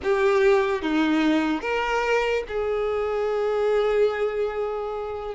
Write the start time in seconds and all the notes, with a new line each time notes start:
0.03 G4
0.81 D#4
1.61 A#4
2.48 G#4